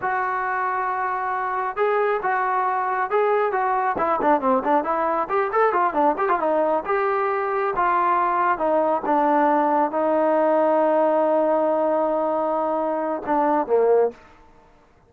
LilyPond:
\new Staff \with { instrumentName = "trombone" } { \time 4/4 \tempo 4 = 136 fis'1 | gis'4 fis'2 gis'4 | fis'4 e'8 d'8 c'8 d'8 e'4 | g'8 a'8 f'8 d'8 g'16 f'16 dis'4 g'8~ |
g'4. f'2 dis'8~ | dis'8 d'2 dis'4.~ | dis'1~ | dis'2 d'4 ais4 | }